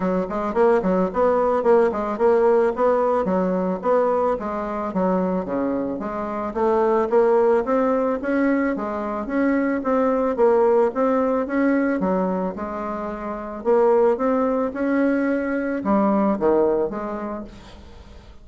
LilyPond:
\new Staff \with { instrumentName = "bassoon" } { \time 4/4 \tempo 4 = 110 fis8 gis8 ais8 fis8 b4 ais8 gis8 | ais4 b4 fis4 b4 | gis4 fis4 cis4 gis4 | a4 ais4 c'4 cis'4 |
gis4 cis'4 c'4 ais4 | c'4 cis'4 fis4 gis4~ | gis4 ais4 c'4 cis'4~ | cis'4 g4 dis4 gis4 | }